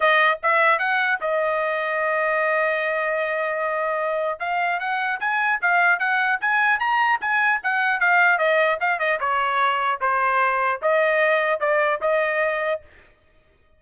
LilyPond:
\new Staff \with { instrumentName = "trumpet" } { \time 4/4 \tempo 4 = 150 dis''4 e''4 fis''4 dis''4~ | dis''1~ | dis''2. f''4 | fis''4 gis''4 f''4 fis''4 |
gis''4 ais''4 gis''4 fis''4 | f''4 dis''4 f''8 dis''8 cis''4~ | cis''4 c''2 dis''4~ | dis''4 d''4 dis''2 | }